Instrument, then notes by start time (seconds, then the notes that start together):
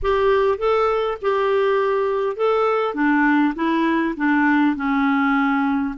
clarinet
0.02 G4
0.58 A4
1.21 G4
2.36 A4
2.94 D4
3.55 E4
4.16 D4
4.76 C#4